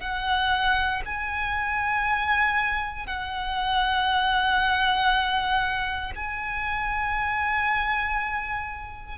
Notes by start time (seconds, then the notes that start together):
0.00 F#5
1.05 G#5
3.07 F#5
6.15 G#5